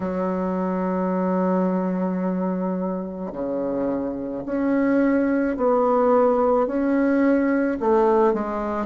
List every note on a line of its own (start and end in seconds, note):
0.00 3.31 F#3
3.32 4.43 C#3
4.45 5.56 C#4
5.57 6.67 B3
6.67 7.78 C#4
7.80 8.33 A3
8.33 8.86 G#3